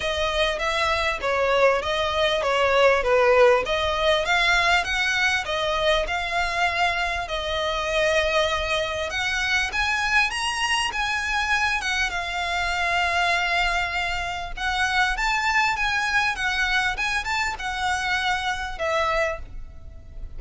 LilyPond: \new Staff \with { instrumentName = "violin" } { \time 4/4 \tempo 4 = 99 dis''4 e''4 cis''4 dis''4 | cis''4 b'4 dis''4 f''4 | fis''4 dis''4 f''2 | dis''2. fis''4 |
gis''4 ais''4 gis''4. fis''8 | f''1 | fis''4 a''4 gis''4 fis''4 | gis''8 a''8 fis''2 e''4 | }